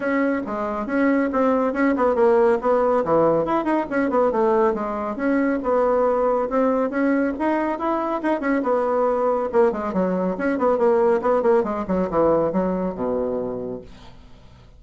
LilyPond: \new Staff \with { instrumentName = "bassoon" } { \time 4/4 \tempo 4 = 139 cis'4 gis4 cis'4 c'4 | cis'8 b8 ais4 b4 e4 | e'8 dis'8 cis'8 b8 a4 gis4 | cis'4 b2 c'4 |
cis'4 dis'4 e'4 dis'8 cis'8 | b2 ais8 gis8 fis4 | cis'8 b8 ais4 b8 ais8 gis8 fis8 | e4 fis4 b,2 | }